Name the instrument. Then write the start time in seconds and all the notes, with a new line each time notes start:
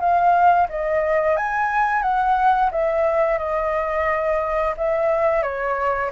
flute
0.00 F5
0.69 D#5
1.37 G#5
2.02 F#5
2.71 E5
3.38 D#5
4.78 E5
5.43 C#5